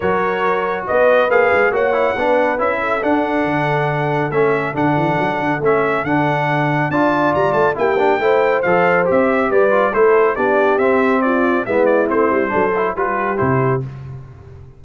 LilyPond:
<<
  \new Staff \with { instrumentName = "trumpet" } { \time 4/4 \tempo 4 = 139 cis''2 dis''4 f''4 | fis''2 e''4 fis''4~ | fis''2 e''4 fis''4~ | fis''4 e''4 fis''2 |
a''4 ais''8 a''8 g''2 | f''4 e''4 d''4 c''4 | d''4 e''4 d''4 e''8 d''8 | c''2 b'4 c''4 | }
  \new Staff \with { instrumentName = "horn" } { \time 4/4 ais'2 b'2 | cis''4 b'4. a'4.~ | a'1~ | a'1 |
d''2 g'4 c''4~ | c''2 b'4 a'4 | g'2 f'4 e'4~ | e'4 a'4 g'2 | }
  \new Staff \with { instrumentName = "trombone" } { \time 4/4 fis'2. gis'4 | fis'8 e'8 d'4 e'4 d'4~ | d'2 cis'4 d'4~ | d'4 cis'4 d'2 |
f'2 e'8 d'8 e'4 | a'4 g'4. f'8 e'4 | d'4 c'2 b4 | c'4 d'8 e'8 f'4 e'4 | }
  \new Staff \with { instrumentName = "tuba" } { \time 4/4 fis2 b4 ais8 gis8 | ais4 b4 cis'4 d'4 | d2 a4 d8 e8 | fis8 d8 a4 d2 |
d'4 g8 a8 ais4 a4 | f4 c'4 g4 a4 | b4 c'2 gis4 | a8 g8 fis4 g4 c4 | }
>>